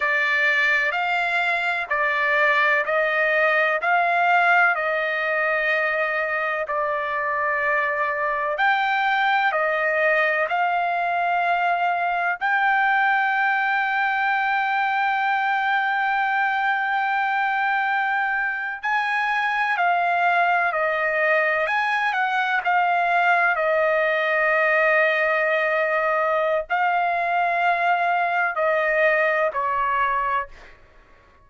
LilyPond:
\new Staff \with { instrumentName = "trumpet" } { \time 4/4 \tempo 4 = 63 d''4 f''4 d''4 dis''4 | f''4 dis''2 d''4~ | d''4 g''4 dis''4 f''4~ | f''4 g''2.~ |
g''2.~ g''8. gis''16~ | gis''8. f''4 dis''4 gis''8 fis''8 f''16~ | f''8. dis''2.~ dis''16 | f''2 dis''4 cis''4 | }